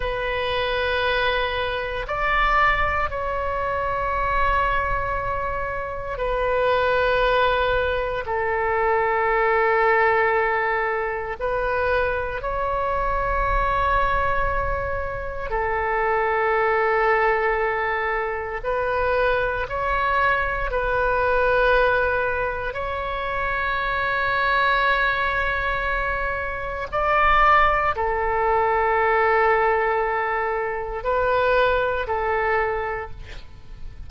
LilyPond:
\new Staff \with { instrumentName = "oboe" } { \time 4/4 \tempo 4 = 58 b'2 d''4 cis''4~ | cis''2 b'2 | a'2. b'4 | cis''2. a'4~ |
a'2 b'4 cis''4 | b'2 cis''2~ | cis''2 d''4 a'4~ | a'2 b'4 a'4 | }